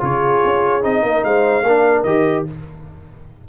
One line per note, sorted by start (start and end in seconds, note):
0.00 0.43 C#3
0.00 0.81 F4
0.00 1.05 G#4
0.00 0.83 C#5
0.44 0.83 C#4
0.81 1.02 C4
0.81 1.63 D#4
0.81 1.24 D#5
1.02 1.23 A#3
1.02 1.26 A#4
1.24 1.63 G#3
1.24 1.66 C5
1.24 2.03 F5
1.63 2.03 A#3
1.63 2.06 D4
1.63 2.48 A#4
2.03 2.45 D#3
2.03 2.47 G4
2.03 2.44 D#5